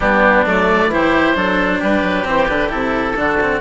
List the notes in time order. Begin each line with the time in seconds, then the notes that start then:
0.00 G3 B3 D4 G4
0.46 F#3 A3 D5
0.86 E3 E4
0.92 G4 C5
1.34 F#3 D4 A4
1.78 G3 G4 B4
2.02 F#3
2.24 E3 C4 C5
2.47 D3 D4 B4
2.69 C3 E4 A4
3.16 D3 D4 F#4
3.40 C4